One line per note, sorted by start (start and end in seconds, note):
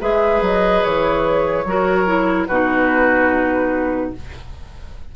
0.00 0.41 G#3
0.00 1.65 G#4
0.00 1.64 B4
0.00 0.43 E5
0.41 0.83 F#3
0.41 0.84 D#5
0.84 1.65 E3
0.84 2.47 C#5
1.65 2.47 F#3
1.65 2.06 F#4
1.65 2.48 A#4
2.06 2.47 E4
2.47 4.13 B2
2.47 4.16 D#4
2.47 4.12 F#4
2.47 4.11 B4